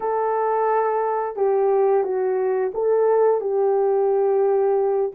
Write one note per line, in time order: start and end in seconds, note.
0.00 1.36 A4
1.36 2.03 G4
2.03 2.71 F#4
2.74 3.41 A4
3.41 5.11 G4